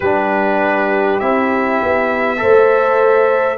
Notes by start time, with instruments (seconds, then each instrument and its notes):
0.00 tuba G3, trombone D4, horn G4, trumpet B4
1.19 tuba C4, trombone E4, trumpet E5
1.82 tuba B3
2.37 tuba A3, trombone A4, horn C5